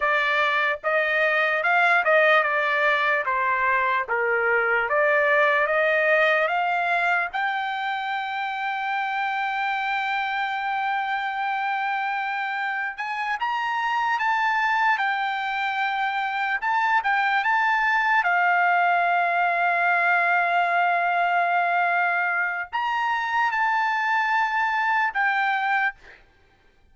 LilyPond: \new Staff \with { instrumentName = "trumpet" } { \time 4/4 \tempo 4 = 74 d''4 dis''4 f''8 dis''8 d''4 | c''4 ais'4 d''4 dis''4 | f''4 g''2.~ | g''1 |
gis''8 ais''4 a''4 g''4.~ | g''8 a''8 g''8 a''4 f''4.~ | f''1 | ais''4 a''2 g''4 | }